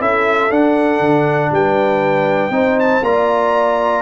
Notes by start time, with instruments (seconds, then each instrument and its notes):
0.00 tuba C#4, trombone E4, horn A4, trumpet E5
0.51 tuba D4, trombone D4, trumpet F#5
1.01 tuba D3
1.52 tuba G3, horn B4, trumpet G5
2.51 tuba C4, trombone D#4, horn C5
2.80 trumpet A5
3.03 tuba A#3, trombone F4, horn D5, trumpet A#5